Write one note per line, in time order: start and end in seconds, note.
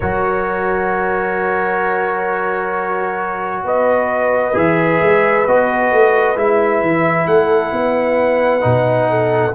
0.00 3.63 F#3
0.00 4.53 F#4
0.00 3.62 A#4
0.00 3.64 C#5
3.63 4.54 B3
3.63 7.28 B4
3.63 4.57 D#5
4.53 5.00 E3
4.53 5.44 G#4
4.53 5.46 E5
5.00 5.46 G#3
5.46 5.91 B3
5.46 6.36 F#4
5.46 6.37 D#5
5.91 6.35 A3
6.35 6.81 G#3
6.35 8.60 E4
6.35 7.27 E5
6.81 7.26 E3
7.26 7.71 A3
7.26 7.73 A4
7.26 9.54 F#5
7.72 8.63 B3
7.72 9.10 B4
8.60 9.54 B2
8.60 9.51 D#4
9.10 9.54 A4